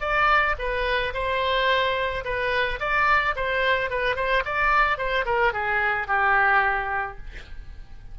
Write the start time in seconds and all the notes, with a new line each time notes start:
0.00 D5
0.58 B4
1.14 C5
2.24 B4
2.80 D5
3.36 C5
3.90 B4
4.16 C5
4.45 D5
4.97 C5
5.25 A#4
5.53 G#4
6.07 G4